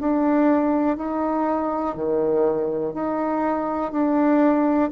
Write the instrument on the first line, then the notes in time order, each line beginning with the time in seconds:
bassoon
0.00 D4
0.97 D#4
1.95 D#3
2.94 D#4
3.92 D4